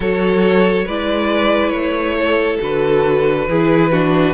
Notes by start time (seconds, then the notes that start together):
0.00 F#3 F#4 A4 C#5
0.85 G#3 E4 B4 D5
1.69 A3 C#5
2.18 A4
2.60 D3 F#4 B4
3.48 E3 E4 G#4
3.92 D4 F#4